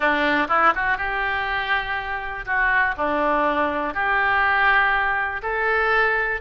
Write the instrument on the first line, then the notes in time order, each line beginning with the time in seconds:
oboe
0.00 D4
0.48 E4
0.75 F#4
0.97 G4
2.45 F#4
2.97 D4
3.94 G4
5.42 A4